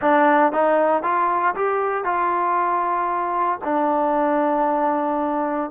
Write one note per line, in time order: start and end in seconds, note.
0.01 0.52 D4
0.52 1.03 D#4
1.03 1.54 F4
1.55 2.04 G4
2.04 3.59 F4
3.64 5.71 D4